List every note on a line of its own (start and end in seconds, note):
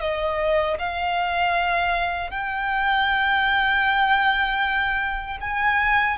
0.00 0.77 D#5
0.79 2.30 F5
2.30 5.38 G5
5.40 6.17 G#5